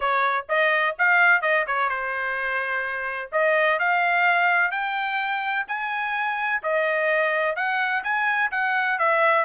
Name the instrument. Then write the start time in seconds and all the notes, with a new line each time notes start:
trumpet
0.00 C#5
0.48 D#5
0.98 F5
1.41 D#5
1.66 C#5
1.89 C5
3.32 D#5
3.79 F5
4.71 G5
5.67 G#5
6.62 D#5
7.56 F#5
8.03 G#5
8.51 F#5
8.98 E5